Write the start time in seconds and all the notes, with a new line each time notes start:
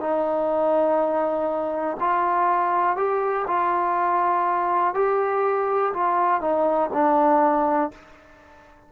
0.00 D#4
2.00 F4
2.96 G4
3.47 F4
4.94 G4
5.94 F4
6.41 D#4
6.93 D4